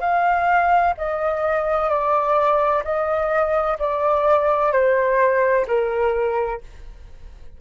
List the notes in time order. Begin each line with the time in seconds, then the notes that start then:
0.00 F5
0.97 D#5
1.89 D5
2.84 D#5
3.79 D5
4.72 C5
5.67 A#4